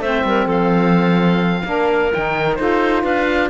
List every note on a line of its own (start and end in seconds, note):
0.00 0.23 A3
0.00 1.65 C4
0.00 0.24 C5
0.00 0.48 E5
0.24 0.46 G3
0.24 0.46 A#4
0.46 1.62 F3
0.46 1.62 A4
0.46 2.14 F5
1.65 2.11 A#3
1.65 2.11 D4
1.65 2.59 A#4
2.14 2.59 D#3
2.14 2.58 D#4
2.14 2.55 G5
2.55 3.04 D#4
2.55 3.49 F4
2.55 3.03 A4
2.55 3.02 C5
3.03 3.49 D4
3.03 3.49 B4
3.03 3.49 F5